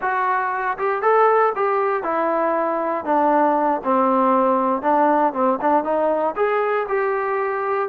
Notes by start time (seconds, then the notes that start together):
0.01 F#4
0.77 G4
1.02 A4
1.55 G4
2.03 E4
3.05 D4
3.84 C4
4.82 D4
5.33 C4
5.61 D4
5.83 D#4
6.36 G#4
6.88 G4